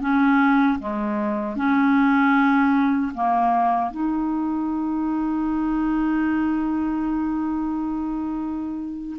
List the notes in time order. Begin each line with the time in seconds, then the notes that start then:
0.00 C#4
0.79 G#3
1.56 C#4
3.14 A#3
3.91 D#4